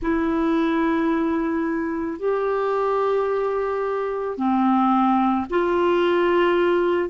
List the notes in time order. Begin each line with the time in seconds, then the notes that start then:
0.01 E4
2.19 G4
4.37 C4
5.49 F4